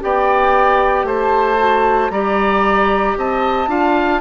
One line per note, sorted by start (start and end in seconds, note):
0.00 1.04 B3
0.00 1.58 G4
0.00 1.06 D5
0.00 1.07 G5
1.04 2.09 A3
1.04 2.11 C5
1.04 2.10 A5
1.58 2.10 F#4
2.10 3.15 G3
2.10 3.68 G4
2.10 3.18 D5
2.10 3.15 A#5
3.17 3.67 C4
3.17 3.70 D#5
3.17 4.21 A5
3.67 4.20 D4
3.67 4.20 F4
3.67 4.21 F5